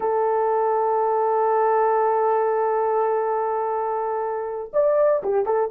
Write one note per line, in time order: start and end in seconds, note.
0.00 4.71 A4
4.73 5.22 D5
5.23 5.45 G4
5.45 5.70 A4